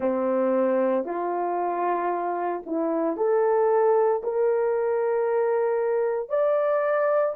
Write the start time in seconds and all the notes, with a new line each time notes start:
0.00 C4
1.04 F4
2.66 E4
3.16 A4
4.23 A#4
6.29 D5